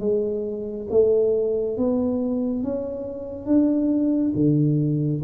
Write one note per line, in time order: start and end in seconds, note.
0.00 0.87 G#3
0.90 1.77 A3
1.77 2.64 B3
2.64 3.46 C#4
3.46 4.33 D4
4.35 5.22 D3